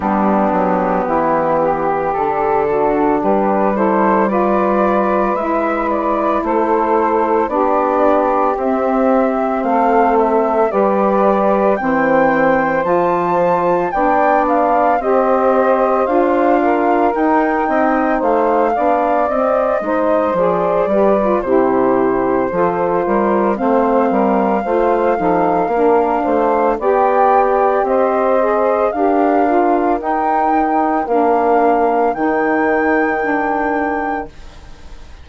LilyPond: <<
  \new Staff \with { instrumentName = "flute" } { \time 4/4 \tempo 4 = 56 g'2 a'4 b'8 c''8 | d''4 e''8 d''8 c''4 d''4 | e''4 f''8 e''8 d''4 g''4 | a''4 g''8 f''8 dis''4 f''4 |
g''4 f''4 dis''4 d''4 | c''2 f''2~ | f''4 g''4 dis''4 f''4 | g''4 f''4 g''2 | }
  \new Staff \with { instrumentName = "saxophone" } { \time 4/4 d'4 e'8 g'4 fis'8 g'8 a'8 | b'2 a'4 g'4~ | g'4 a'4 b'4 c''4~ | c''4 d''4 c''4. ais'8~ |
ais'8 dis''8 c''8 d''4 c''4 b'8 | g'4 a'8 ais'8 c''8 ais'8 c''8 a'8 | ais'8 c''8 d''4 c''4 ais'4~ | ais'1 | }
  \new Staff \with { instrumentName = "saxophone" } { \time 4/4 b2 d'4. e'8 | f'4 e'2 d'4 | c'2 g'4 c'4 | f'4 d'4 g'4 f'4 |
dis'4. d'8 c'8 dis'8 gis'8 g'16 f'16 | e'4 f'4 c'4 f'8 dis'8 | d'4 g'4. gis'8 g'8 f'8 | dis'4 d'4 dis'4 d'4 | }
  \new Staff \with { instrumentName = "bassoon" } { \time 4/4 g8 fis8 e4 d4 g4~ | g4 gis4 a4 b4 | c'4 a4 g4 e4 | f4 b4 c'4 d'4 |
dis'8 c'8 a8 b8 c'8 gis8 f8 g8 | c4 f8 g8 a8 g8 a8 f8 | ais8 a8 b4 c'4 d'4 | dis'4 ais4 dis2 | }
>>